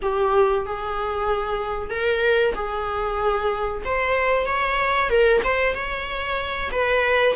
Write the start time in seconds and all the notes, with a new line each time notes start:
0.02 G4
0.66 G#4
1.90 A#4
2.54 G#4
3.84 C5
4.46 C#5
5.09 A#4
5.43 C5
5.74 C#5
6.71 B4